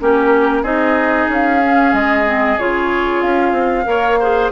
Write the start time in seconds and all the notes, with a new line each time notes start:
0.00 A#3 C#4 G4 A#4
0.62 C4 D#4 G#4 D#5
1.29 C#4 F5
1.63 C#4
1.93 G#3 D#5
2.26 C4
2.58 C#3 F4 C#5
3.22 C#4 F5
3.52 C4
3.85 A#3 A#4 C#5
4.20 G#4 C5